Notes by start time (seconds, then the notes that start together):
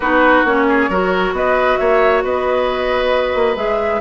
0.00 B3 D#4 F#4 B4
0.44 A#3 C#4 C#5
0.68 G#4
0.89 F#3 F#4 A#4
1.32 B3 B4 D#5
1.77 A#3 C#5 E5
2.23 B3 B4 D#5
3.34 A#3
3.56 G#3 G#4 E5